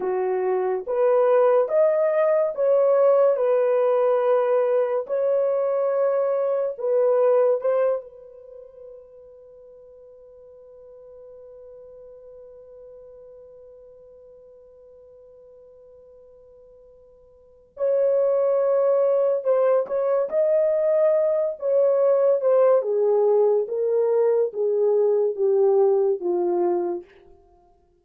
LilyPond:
\new Staff \with { instrumentName = "horn" } { \time 4/4 \tempo 4 = 71 fis'4 b'4 dis''4 cis''4 | b'2 cis''2 | b'4 c''8 b'2~ b'8~ | b'1~ |
b'1~ | b'4 cis''2 c''8 cis''8 | dis''4. cis''4 c''8 gis'4 | ais'4 gis'4 g'4 f'4 | }